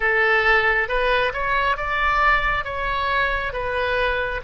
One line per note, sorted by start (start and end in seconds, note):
0.00 0.88 A4
0.88 1.32 B4
1.33 1.76 C#5
1.76 2.64 D5
2.64 3.52 C#5
3.53 4.41 B4